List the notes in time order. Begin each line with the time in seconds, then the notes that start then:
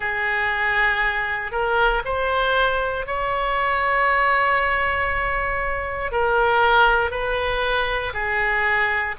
0.00 G#4
1.51 A#4
2.04 C5
3.06 C#5
6.11 A#4
7.10 B4
8.13 G#4